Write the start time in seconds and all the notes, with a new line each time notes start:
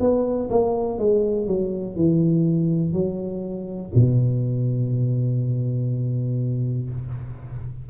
0.00 B3
0.50 A#3
0.99 G#3
1.47 F#3
1.96 E3
2.93 F#3
3.95 B2